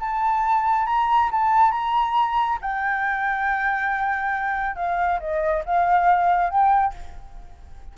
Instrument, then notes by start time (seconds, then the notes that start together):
flute
0.00 A5
0.86 A#5
1.31 A5
1.72 A#5
2.61 G5
4.76 F5
5.20 D#5
5.65 F5
6.50 G5